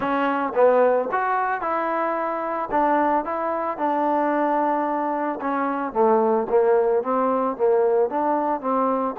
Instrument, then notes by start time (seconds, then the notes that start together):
trombone
0.00 C#4
0.54 B3
1.11 F#4
1.61 E4
2.71 D4
3.24 E4
3.77 D4
5.41 C#4
5.93 A3
6.49 A#3
7.03 C4
7.56 A#3
8.09 D4
8.61 C4